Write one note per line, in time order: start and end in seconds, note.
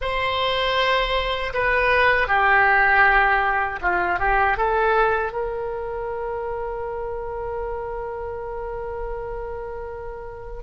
0.01 1.53 C5
1.53 2.28 B4
2.28 3.79 G4
3.81 4.19 F4
4.19 4.57 G4
4.57 5.32 A4
5.32 10.63 A#4